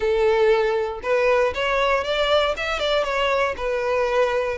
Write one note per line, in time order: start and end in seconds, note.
0.00 1.00 A4
1.02 1.53 B4
1.54 2.04 C#5
2.04 2.54 D5
2.57 2.79 E5
2.79 3.04 D5
3.04 3.55 C#5
3.57 4.58 B4